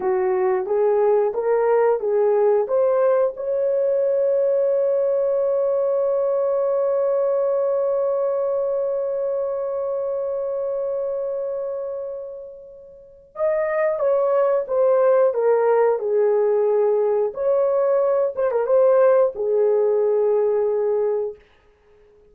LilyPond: \new Staff \with { instrumentName = "horn" } { \time 4/4 \tempo 4 = 90 fis'4 gis'4 ais'4 gis'4 | c''4 cis''2.~ | cis''1~ | cis''1~ |
cis''1 | dis''4 cis''4 c''4 ais'4 | gis'2 cis''4. c''16 ais'16 | c''4 gis'2. | }